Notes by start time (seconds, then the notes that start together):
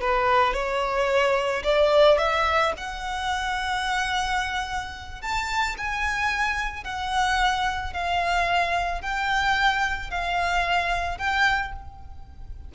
0.00 B4
0.53 C#5
1.64 D5
2.18 E5
2.77 F#5
5.21 A5
5.77 G#5
6.84 F#5
7.93 F5
9.01 G5
10.10 F5
11.18 G5